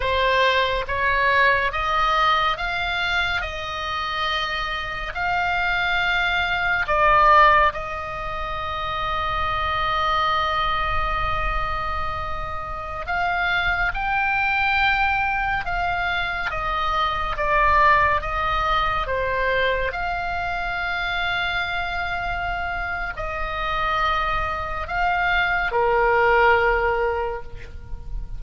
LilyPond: \new Staff \with { instrumentName = "oboe" } { \time 4/4 \tempo 4 = 70 c''4 cis''4 dis''4 f''4 | dis''2 f''2 | d''4 dis''2.~ | dis''2.~ dis''16 f''8.~ |
f''16 g''2 f''4 dis''8.~ | dis''16 d''4 dis''4 c''4 f''8.~ | f''2. dis''4~ | dis''4 f''4 ais'2 | }